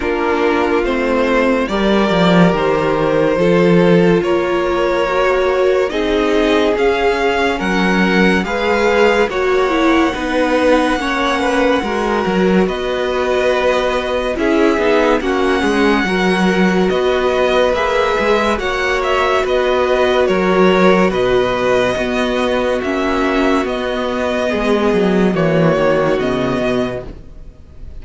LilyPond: <<
  \new Staff \with { instrumentName = "violin" } { \time 4/4 \tempo 4 = 71 ais'4 c''4 d''4 c''4~ | c''4 cis''2 dis''4 | f''4 fis''4 f''4 fis''4~ | fis''2. dis''4~ |
dis''4 e''4 fis''2 | dis''4 e''4 fis''8 e''8 dis''4 | cis''4 dis''2 e''4 | dis''2 cis''4 dis''4 | }
  \new Staff \with { instrumentName = "violin" } { \time 4/4 f'2 ais'2 | a'4 ais'2 gis'4~ | gis'4 ais'4 b'4 cis''4 | b'4 cis''8 b'8 ais'4 b'4~ |
b'4 gis'4 fis'8 gis'8 ais'4 | b'2 cis''4 b'4 | ais'4 b'4 fis'2~ | fis'4 gis'4 fis'2 | }
  \new Staff \with { instrumentName = "viola" } { \time 4/4 d'4 c'4 g'2 | f'2 fis'4 dis'4 | cis'2 gis'4 fis'8 e'8 | dis'4 cis'4 fis'2~ |
fis'4 e'8 dis'8 cis'4 fis'4~ | fis'4 gis'4 fis'2~ | fis'2 b4 cis'4 | b2 ais4 b4 | }
  \new Staff \with { instrumentName = "cello" } { \time 4/4 ais4 a4 g8 f8 dis4 | f4 ais2 c'4 | cis'4 fis4 gis4 ais4 | b4 ais4 gis8 fis8 b4~ |
b4 cis'8 b8 ais8 gis8 fis4 | b4 ais8 gis8 ais4 b4 | fis4 b,4 b4 ais4 | b4 gis8 fis8 e8 dis8 cis8 b,8 | }
>>